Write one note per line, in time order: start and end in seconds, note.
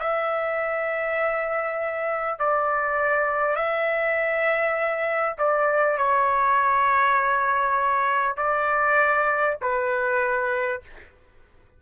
0.00 2.39 E5
2.39 3.56 D5
3.56 5.36 E5
5.38 5.97 D5
5.97 8.37 C#5
8.37 9.57 D5
9.62 10.82 B4